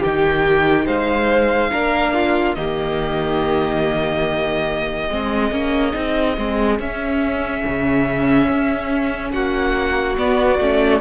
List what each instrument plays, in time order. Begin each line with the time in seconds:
0.00 cello D#3, viola D#4, violin G4 G5
0.85 cello G#3, violin C5 F5
1.71 cello A#3, viola D4, violin A#4
2.14 violin F4
2.54 cello D#3, viola A#3, violin G4 D#5
5.10 cello G#3, viola C4, violin G#4
5.51 cello A#3, viola C#4
5.93 cello C4, viola D#4
6.37 cello G#3, viola C4
6.79 cello C#4, viola C#4, violin E5
7.66 cello C#3
8.48 cello C#4
9.31 cello A#3, violin F#4 F#5
10.17 viola B3, cello B3, violin D5
10.59 cello A3, viola C#4